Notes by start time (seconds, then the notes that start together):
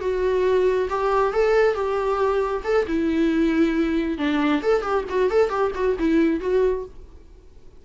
0.00 F#4
0.89 G4
1.33 A4
1.74 G4
2.64 A4
2.87 E4
4.18 D4
4.62 A4
4.81 G4
5.09 F#4
5.30 A4
5.49 G4
5.74 F#4
5.98 E4
6.40 F#4